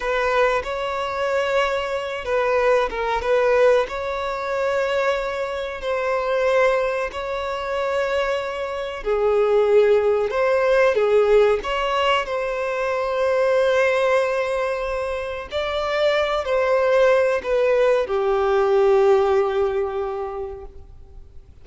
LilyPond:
\new Staff \with { instrumentName = "violin" } { \time 4/4 \tempo 4 = 93 b'4 cis''2~ cis''8 b'8~ | b'8 ais'8 b'4 cis''2~ | cis''4 c''2 cis''4~ | cis''2 gis'2 |
c''4 gis'4 cis''4 c''4~ | c''1 | d''4. c''4. b'4 | g'1 | }